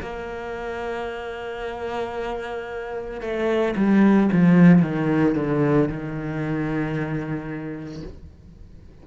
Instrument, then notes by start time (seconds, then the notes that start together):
cello
0.00 A#3
3.20 A3
3.75 G3
4.32 F3
4.82 D#3
5.35 D3
5.88 D#3